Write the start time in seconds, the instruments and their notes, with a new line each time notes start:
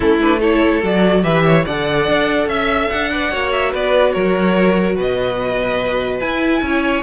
0.00 cello A3, viola C#4, violin E4 A4
0.21 viola D4, violin B4
0.39 viola E4, violin A4 C#5
0.82 cello F#3, viola F#4, violin D5
1.22 cello E3, viola G4, violin B4 E5
1.44 violin C#5
1.65 cello D3, viola A4, violin D5 F#5
2.07 cello D4
2.46 cello C#4, violin E5
2.89 cello D4, violin F#5
3.11 viola B4, violin D5
3.31 cello A#3, viola F#4, violin C#5
3.52 violin E5
3.71 cello B3, violin B4 D5
4.12 cello F#3, violin A#4 C#5
4.95 cello B2, violin B4 D#5
6.20 viola E4, cello E4, violin G#5
6.61 cello C#4, violin C#5